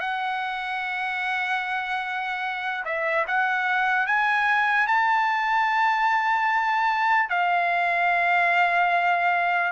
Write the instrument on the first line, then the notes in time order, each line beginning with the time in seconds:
trumpet
0.00 F#5
2.85 E5
3.27 F#5
4.06 G#5
4.86 A5
7.29 F5